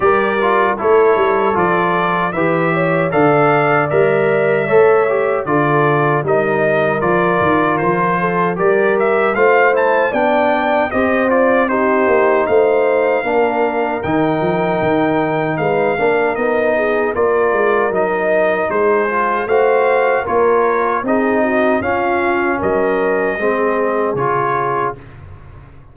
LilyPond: <<
  \new Staff \with { instrumentName = "trumpet" } { \time 4/4 \tempo 4 = 77 d''4 cis''4 d''4 e''4 | f''4 e''2 d''4 | dis''4 d''4 c''4 d''8 e''8 | f''8 a''8 g''4 dis''8 d''8 c''4 |
f''2 g''2 | f''4 dis''4 d''4 dis''4 | c''4 f''4 cis''4 dis''4 | f''4 dis''2 cis''4 | }
  \new Staff \with { instrumentName = "horn" } { \time 4/4 ais'4 a'2 b'8 cis''8 | d''2 cis''4 a'4 | ais'2~ ais'8 a'8 ais'4 | c''4 d''4 c''4 g'4 |
c''4 ais'2. | b'8 ais'4 gis'8 ais'2 | gis'4 c''4 ais'4 gis'8 fis'8 | f'4 ais'4 gis'2 | }
  \new Staff \with { instrumentName = "trombone" } { \time 4/4 g'8 f'8 e'4 f'4 g'4 | a'4 ais'4 a'8 g'8 f'4 | dis'4 f'2 g'4 | f'8 e'8 d'4 g'8 f'8 dis'4~ |
dis'4 d'4 dis'2~ | dis'8 d'8 dis'4 f'4 dis'4~ | dis'8 f'8 fis'4 f'4 dis'4 | cis'2 c'4 f'4 | }
  \new Staff \with { instrumentName = "tuba" } { \time 4/4 g4 a8 g8 f4 e4 | d4 g4 a4 d4 | g4 f8 dis8 f4 g4 | a4 b4 c'4. ais8 |
a4 ais4 dis8 f8 dis4 | gis8 ais8 b4 ais8 gis8 fis4 | gis4 a4 ais4 c'4 | cis'4 fis4 gis4 cis4 | }
>>